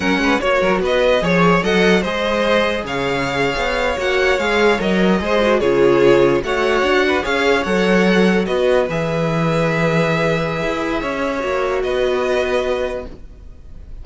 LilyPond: <<
  \new Staff \with { instrumentName = "violin" } { \time 4/4 \tempo 4 = 147 fis''4 cis''4 dis''4 cis''4 | fis''4 dis''2 f''4~ | f''4.~ f''16 fis''4 f''4 dis''16~ | dis''4.~ dis''16 cis''2 fis''16~ |
fis''4.~ fis''16 f''4 fis''4~ fis''16~ | fis''8. dis''4 e''2~ e''16~ | e''1~ | e''4 dis''2. | }
  \new Staff \with { instrumentName = "violin" } { \time 4/4 ais'8 b'8 cis''8 ais'8 b'4 cis''4 | dis''4 c''2 cis''4~ | cis''1~ | cis''8. c''4 gis'2 cis''16~ |
cis''4~ cis''16 b'8 cis''2~ cis''16~ | cis''8. b'2.~ b'16~ | b'2. cis''4~ | cis''4 b'2. | }
  \new Staff \with { instrumentName = "viola" } { \time 4/4 cis'4 fis'2 gis'4 | a'4 gis'2.~ | gis'4.~ gis'16 fis'4 gis'4 ais'16~ | ais'8. gis'8 fis'8 f'2 fis'16~ |
fis'4.~ fis'16 gis'4 a'4~ a'16~ | a'8. fis'4 gis'2~ gis'16~ | gis'1 | fis'1 | }
  \new Staff \with { instrumentName = "cello" } { \time 4/4 fis8 gis8 ais8 fis8 b4 f4 | fis4 gis2 cis4~ | cis8. b4 ais4 gis4 fis16~ | fis8. gis4 cis2 a16~ |
a8. d'4 cis'4 fis4~ fis16~ | fis8. b4 e2~ e16~ | e2 e'4 cis'4 | ais4 b2. | }
>>